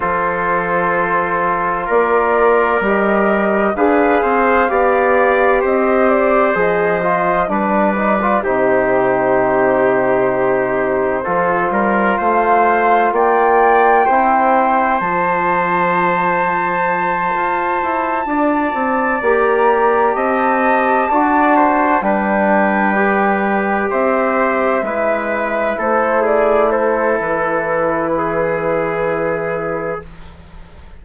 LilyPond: <<
  \new Staff \with { instrumentName = "flute" } { \time 4/4 \tempo 4 = 64 c''2 d''4 dis''4 | f''2 dis''8 d''8 dis''4 | d''4 c''2.~ | c''4 f''4 g''2 |
a''1~ | a''8 ais''4 a''2 g''8~ | g''4. e''2 c''8 | d''8 c''8 b'2. | }
  \new Staff \with { instrumentName = "trumpet" } { \time 4/4 a'2 ais'2 | b'8 c''8 d''4 c''2 | b'4 g'2. | a'8 ais'8 c''4 d''4 c''4~ |
c''2.~ c''8 d''8~ | d''4. dis''4 d''8 c''8 b'8~ | b'4. c''4 b'4 a'8 | gis'8 a'4. gis'2 | }
  \new Staff \with { instrumentName = "trombone" } { \time 4/4 f'2. g'4 | gis'4 g'2 gis'8 f'8 | d'8 dis'16 f'16 dis'2. | f'2. e'4 |
f'1~ | f'8 g'2 fis'4 d'8~ | d'8 g'2 e'4.~ | e'1 | }
  \new Staff \with { instrumentName = "bassoon" } { \time 4/4 f2 ais4 g4 | d'8 c'8 b4 c'4 f4 | g4 c2. | f8 g8 a4 ais4 c'4 |
f2~ f8 f'8 e'8 d'8 | c'8 ais4 c'4 d'4 g8~ | g4. c'4 gis4 a8~ | a4 e2. | }
>>